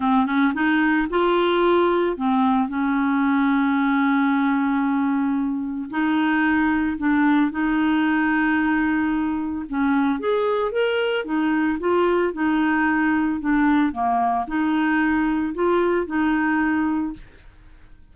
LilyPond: \new Staff \with { instrumentName = "clarinet" } { \time 4/4 \tempo 4 = 112 c'8 cis'8 dis'4 f'2 | c'4 cis'2.~ | cis'2. dis'4~ | dis'4 d'4 dis'2~ |
dis'2 cis'4 gis'4 | ais'4 dis'4 f'4 dis'4~ | dis'4 d'4 ais4 dis'4~ | dis'4 f'4 dis'2 | }